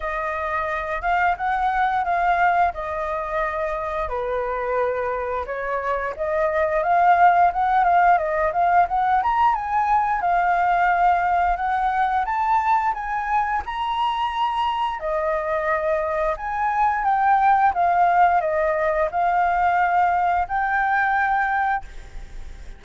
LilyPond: \new Staff \with { instrumentName = "flute" } { \time 4/4 \tempo 4 = 88 dis''4. f''8 fis''4 f''4 | dis''2 b'2 | cis''4 dis''4 f''4 fis''8 f''8 | dis''8 f''8 fis''8 ais''8 gis''4 f''4~ |
f''4 fis''4 a''4 gis''4 | ais''2 dis''2 | gis''4 g''4 f''4 dis''4 | f''2 g''2 | }